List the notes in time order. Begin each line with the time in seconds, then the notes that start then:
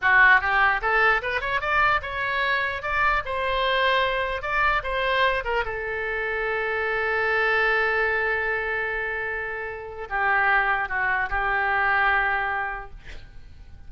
0.01 F#4
0.40 G4
0.81 A4
1.22 B4
1.40 C#5
1.60 D5
2.02 C#5
2.82 D5
3.25 C5
4.42 D5
4.83 C5
5.44 A#4
5.65 A4
10.09 G4
10.89 F#4
11.29 G4